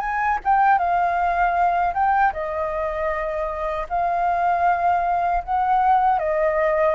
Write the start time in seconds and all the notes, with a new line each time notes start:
0.00 G#5
0.44 G5
0.78 F5
1.94 G5
2.33 D#5
3.90 F5
5.44 F#5
6.19 D#5